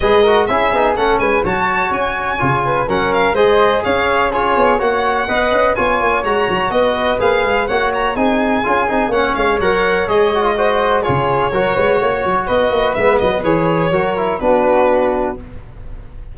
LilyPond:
<<
  \new Staff \with { instrumentName = "violin" } { \time 4/4 \tempo 4 = 125 dis''4 e''4 fis''8 gis''8 a''4 | gis''2 fis''8 f''8 dis''4 | f''4 cis''4 fis''2 | gis''4 ais''4 dis''4 f''4 |
fis''8 ais''8 gis''2 fis''8 f''8 | fis''4 dis''2 cis''4~ | cis''2 dis''4 e''8 dis''8 | cis''2 b'2 | }
  \new Staff \with { instrumentName = "flute" } { \time 4/4 b'8 ais'8 gis'4 a'8 b'8 cis''4~ | cis''4. b'8 ais'4 c''4 | cis''4 gis'4 cis''4 dis''4 | cis''2 b'2 |
cis''4 gis'2 cis''4~ | cis''2 c''4 gis'4 | ais'8 b'8 cis''4 b'2~ | b'4 ais'4 fis'2 | }
  \new Staff \with { instrumentName = "trombone" } { \time 4/4 gis'8 fis'8 e'8 dis'8 cis'4 fis'4~ | fis'4 f'4 cis'4 gis'4~ | gis'4 f'4 fis'4 b'4 | f'4 fis'2 gis'4 |
fis'4 dis'4 f'8 dis'8 cis'4 | ais'4 gis'8 fis'16 f'16 fis'4 f'4 | fis'2. b4 | gis'4 fis'8 e'8 d'2 | }
  \new Staff \with { instrumentName = "tuba" } { \time 4/4 gis4 cis'8 b8 a8 gis8 fis4 | cis'4 cis4 fis4 gis4 | cis'4. b8 ais4 b8 cis'8 | b8 ais8 gis8 fis8 b4 ais8 gis8 |
ais4 c'4 cis'8 c'8 ais8 gis8 | fis4 gis2 cis4 | fis8 gis8 ais8 fis8 b8 ais8 gis8 fis8 | e4 fis4 b2 | }
>>